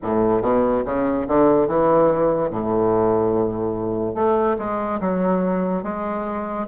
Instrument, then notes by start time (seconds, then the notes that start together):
bassoon
0.02 A2
0.42 B2
0.85 C#3
1.27 D3
1.67 E3
2.50 A2
4.14 A3
4.58 G#3
5.00 F#3
5.83 G#3